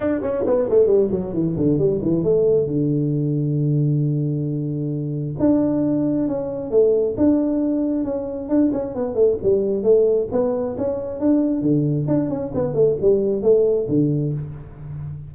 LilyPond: \new Staff \with { instrumentName = "tuba" } { \time 4/4 \tempo 4 = 134 d'8 cis'8 b8 a8 g8 fis8 e8 d8 | g8 e8 a4 d2~ | d1 | d'2 cis'4 a4 |
d'2 cis'4 d'8 cis'8 | b8 a8 g4 a4 b4 | cis'4 d'4 d4 d'8 cis'8 | b8 a8 g4 a4 d4 | }